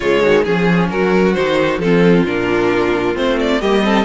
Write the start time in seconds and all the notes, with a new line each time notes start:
0.00 C#3 G#3 F4 C#5
0.23 D#3 F#4
0.43 F3 C#4 G#4
0.90 F#3 F#4 A#4
1.33 D#3 D#4 C5
1.77 F3 C4 F4 A4
2.25 A#2 D4 A#4
3.15 A3 C4 C5
3.39 D5
3.60 G3 A#3 G4 D#5
3.83 C4 A4